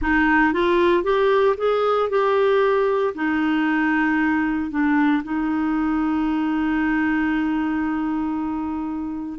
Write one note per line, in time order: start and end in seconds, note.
0.01 0.53 D#4
0.53 1.03 F4
1.03 1.55 G4
1.57 2.09 G#4
2.09 3.14 G4
3.14 4.70 D#4
4.70 5.22 D4
5.23 9.39 D#4